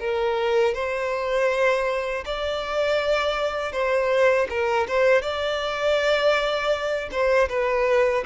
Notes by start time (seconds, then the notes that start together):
0.00 A#4
0.75 C5
2.26 D5
3.73 C5
4.50 A#4
4.88 C5
5.22 D5
7.11 C5
7.49 B4